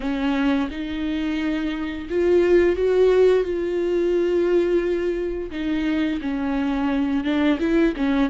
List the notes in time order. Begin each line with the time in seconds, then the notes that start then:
0.00 C#4
0.70 D#4
2.09 F4
2.76 F#4
3.43 F4
5.50 D#4
6.21 C#4
7.24 D4
7.59 E4
7.96 C#4